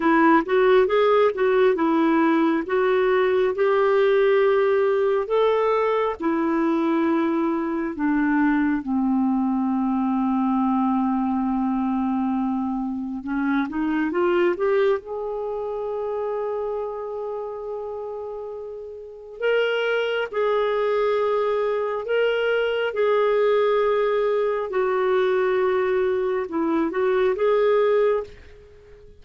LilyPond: \new Staff \with { instrumentName = "clarinet" } { \time 4/4 \tempo 4 = 68 e'8 fis'8 gis'8 fis'8 e'4 fis'4 | g'2 a'4 e'4~ | e'4 d'4 c'2~ | c'2. cis'8 dis'8 |
f'8 g'8 gis'2.~ | gis'2 ais'4 gis'4~ | gis'4 ais'4 gis'2 | fis'2 e'8 fis'8 gis'4 | }